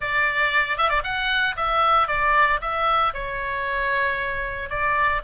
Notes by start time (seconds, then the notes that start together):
0.00 D5
0.77 E5
0.89 D5
1.03 F#5
1.56 E5
2.07 D5
2.61 E5
3.13 C#5
4.69 D5